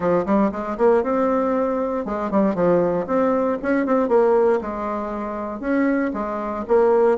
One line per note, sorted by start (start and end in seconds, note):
0.00 0.25 F3
0.25 0.51 G3
0.51 0.77 G#3
0.77 1.03 A#3
1.03 2.05 C4
2.05 2.31 G#3
2.31 2.54 G3
2.54 3.06 F3
3.06 3.58 C4
3.62 3.86 C#4
3.86 4.08 C4
4.08 4.59 A#3
4.61 5.60 G#3
5.60 6.11 C#4
6.13 6.65 G#3
6.67 7.17 A#3